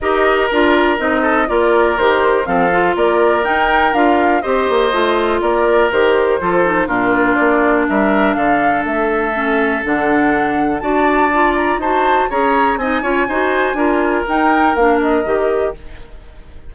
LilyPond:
<<
  \new Staff \with { instrumentName = "flute" } { \time 4/4 \tempo 4 = 122 dis''4 ais'4 dis''4 d''4 | c''4 f''4 d''4 g''4 | f''4 dis''2 d''4 | c''2 ais'4 d''4 |
e''4 f''4 e''2 | fis''2 a''4. ais''8 | a''4 ais''4 gis''2~ | gis''4 g''4 f''8 dis''4. | }
  \new Staff \with { instrumentName = "oboe" } { \time 4/4 ais'2~ ais'8 a'8 ais'4~ | ais'4 a'4 ais'2~ | ais'4 c''2 ais'4~ | ais'4 a'4 f'2 |
ais'4 a'2.~ | a'2 d''2 | c''4 cis''4 dis''8 cis''8 c''4 | ais'1 | }
  \new Staff \with { instrumentName = "clarinet" } { \time 4/4 g'4 f'4 dis'4 f'4 | g'4 c'8 f'4. dis'4 | f'4 g'4 f'2 | g'4 f'8 dis'8 d'2~ |
d'2. cis'4 | d'2 fis'4 f'4 | fis'4 gis'4 dis'8 f'8 fis'4 | f'4 dis'4 d'4 g'4 | }
  \new Staff \with { instrumentName = "bassoon" } { \time 4/4 dis'4 d'4 c'4 ais4 | dis4 f4 ais4 dis'4 | d'4 c'8 ais8 a4 ais4 | dis4 f4 ais,4 ais4 |
g4 d4 a2 | d2 d'2 | dis'4 cis'4 c'8 cis'8 dis'4 | d'4 dis'4 ais4 dis4 | }
>>